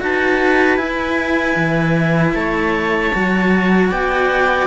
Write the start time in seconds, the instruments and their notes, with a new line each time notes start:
0.00 cello D#4 F#4, viola B4, clarinet A5
0.77 cello E4, clarinet G#5
1.56 cello E3
2.34 cello A3, viola C#5, clarinet A5
3.14 cello F#3 F#4
3.91 cello B3, viola D5, clarinet G5